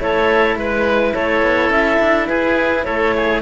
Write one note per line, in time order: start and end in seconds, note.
0.00 0.56 A3
0.00 3.42 E4
0.00 0.59 A4
0.00 0.58 C#5
0.56 1.14 G#3
0.56 1.15 B4
1.15 1.43 A3
1.15 2.29 A4
1.15 1.72 C#5
1.43 1.70 B3
1.70 1.99 C#4
1.70 2.28 E5
2.00 2.29 D4
2.28 2.87 E4
2.28 2.86 G#4
2.28 2.85 B4
2.85 3.42 A3
2.85 3.15 A4
2.85 3.42 C#5
3.17 3.42 G#4